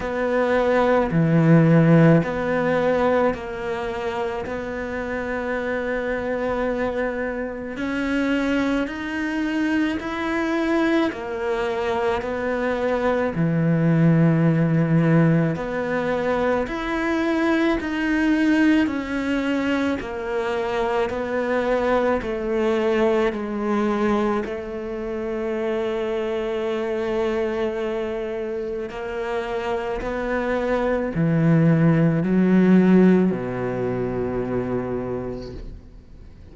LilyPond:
\new Staff \with { instrumentName = "cello" } { \time 4/4 \tempo 4 = 54 b4 e4 b4 ais4 | b2. cis'4 | dis'4 e'4 ais4 b4 | e2 b4 e'4 |
dis'4 cis'4 ais4 b4 | a4 gis4 a2~ | a2 ais4 b4 | e4 fis4 b,2 | }